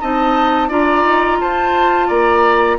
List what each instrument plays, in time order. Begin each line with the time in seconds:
0.00 bassoon C4, clarinet D#4, oboe D#5, flute A5
0.68 bassoon D4, clarinet F4, oboe D5, flute A#5
1.04 bassoon D#4
1.41 bassoon F4, oboe C5, flute A5
2.07 bassoon A#3, oboe D5, flute A#5